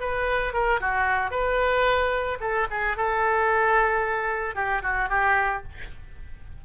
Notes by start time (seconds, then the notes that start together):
0.00 B4
0.53 A#4
0.80 F#4
1.31 B4
2.40 A4
2.70 G#4
2.97 A4
4.55 G4
4.82 F#4
5.09 G4